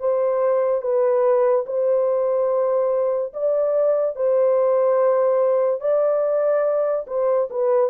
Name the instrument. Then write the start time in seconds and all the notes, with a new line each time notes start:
horn
0.00 C5
0.82 B4
1.67 C5
3.34 D5
4.16 C5
5.81 D5
7.07 C5
7.50 B4